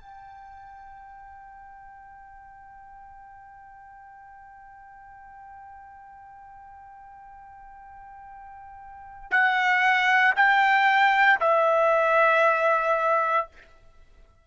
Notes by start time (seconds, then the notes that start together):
0.00 G5
9.31 F#5
10.36 G5
11.40 E5